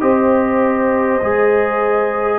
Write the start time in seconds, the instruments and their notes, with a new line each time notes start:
0.00 tuba C4, trombone G4, horn C5, trumpet D#5
1.21 tuba G#3, trombone G#4